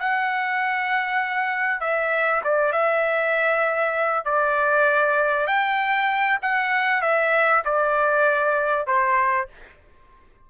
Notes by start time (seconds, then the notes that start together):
0.00 F#5
1.81 E5
2.44 D5
2.73 E5
4.25 D5
5.47 G5
6.42 F#5
7.02 E5
7.65 D5
8.87 C5